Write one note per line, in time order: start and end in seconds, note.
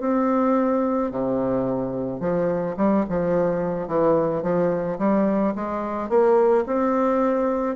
0.00 1.11 C4
1.12 2.20 C3
2.20 2.76 F3
2.77 3.05 G3
3.10 3.88 F3
3.88 4.43 E3
4.43 4.98 F3
4.99 5.55 G3
5.56 6.09 G#3
6.09 6.65 A#3
6.67 7.76 C4